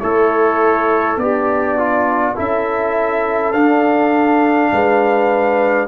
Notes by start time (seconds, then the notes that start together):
0.00 A3 E4 A4 C#5
1.17 B3 D4 G4 D5
1.78 F4
2.35 C#4 E4 A4 E5
3.53 D4 F5
4.72 G#3 B4